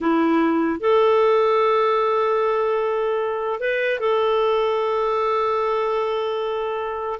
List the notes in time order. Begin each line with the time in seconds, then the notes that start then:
0.00 E4
0.80 A4
3.60 B4
3.99 A4